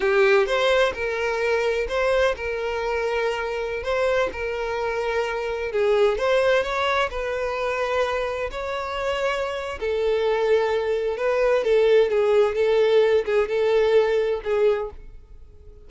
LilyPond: \new Staff \with { instrumentName = "violin" } { \time 4/4 \tempo 4 = 129 g'4 c''4 ais'2 | c''4 ais'2.~ | ais'16 c''4 ais'2~ ais'8.~ | ais'16 gis'4 c''4 cis''4 b'8.~ |
b'2~ b'16 cis''4.~ cis''16~ | cis''4 a'2. | b'4 a'4 gis'4 a'4~ | a'8 gis'8 a'2 gis'4 | }